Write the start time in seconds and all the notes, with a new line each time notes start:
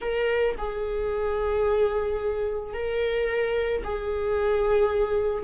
0.01 A#4
0.58 G#4
2.73 A#4
3.83 G#4